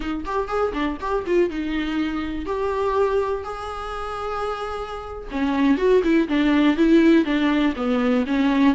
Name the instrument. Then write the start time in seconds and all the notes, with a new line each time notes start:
viola
0.00 D#4
0.25 G4
0.48 G#4
0.73 D4
1.00 G4
1.26 F4
1.50 D#4
2.45 G4
3.43 G#4
5.31 C#4
5.77 F#4
6.03 E4
6.28 D4
6.76 E4
7.24 D4
7.76 B3
8.26 C#4